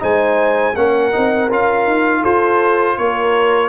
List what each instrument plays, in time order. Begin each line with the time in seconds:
0.00 tuba G#3, trombone D#4, horn C5, trumpet G#5
0.76 tuba A#3, trombone C#4, horn A#4, trumpet F#5
1.12 tuba C4, trombone D#4
1.51 tuba C#4, trombone F4, trumpet F5
1.87 tuba D#4
2.22 tuba F4, horn A4, trumpet C5
2.98 tuba A#3, horn A#4, trumpet C#5